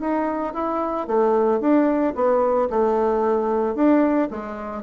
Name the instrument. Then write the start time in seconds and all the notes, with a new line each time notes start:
bassoon
0.00 D#4
0.53 E4
1.07 A3
1.60 D4
2.15 B3
2.70 A3
3.75 D4
4.30 G#3